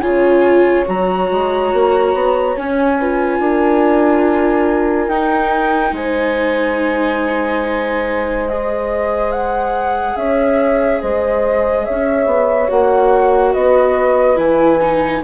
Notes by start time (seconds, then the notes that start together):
0.00 C#3 F4 C#5 G#5
0.85 F#3 F#4 A#5
1.31 G#3
1.73 A#3
2.14 B3
2.56 C#4 G#5
2.99 F4 B4
3.39 D4 A#4
5.07 D#4 G5
5.92 G#3 C5 G#5
8.48 G#4 D#5
9.32 F#5
10.16 C#4 C#5 E5
11.01 G#3 C5 D#5
11.85 C#4 C#5 E5
12.26 B3
12.68 A#3 F#4 F#5
13.53 B3 B4 D#5
14.36 E3 E4 G#5
14.82 D#4